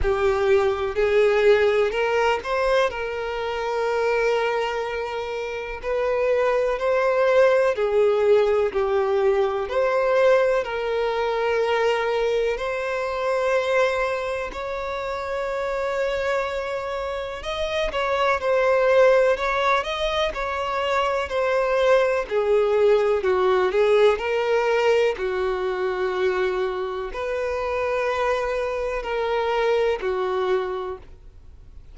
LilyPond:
\new Staff \with { instrumentName = "violin" } { \time 4/4 \tempo 4 = 62 g'4 gis'4 ais'8 c''8 ais'4~ | ais'2 b'4 c''4 | gis'4 g'4 c''4 ais'4~ | ais'4 c''2 cis''4~ |
cis''2 dis''8 cis''8 c''4 | cis''8 dis''8 cis''4 c''4 gis'4 | fis'8 gis'8 ais'4 fis'2 | b'2 ais'4 fis'4 | }